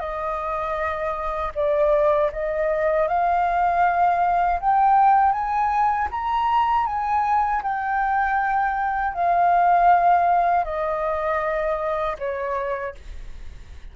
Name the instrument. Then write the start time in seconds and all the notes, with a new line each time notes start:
flute
0.00 D#5
1.55 D5
2.32 D#5
3.08 F5
4.60 G5
5.32 G#5
6.11 A#5
6.86 G#5
7.63 G5
9.14 F5
10.65 D#5
12.19 C#5